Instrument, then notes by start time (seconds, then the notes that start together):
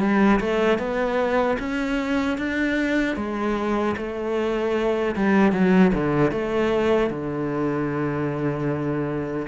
cello
0.00 G3
0.40 A3
0.78 B3
1.59 C#4
2.38 D4
3.16 G#3
3.97 A3
5.16 G3
5.52 F#3
5.94 D3
6.31 A3
7.10 D3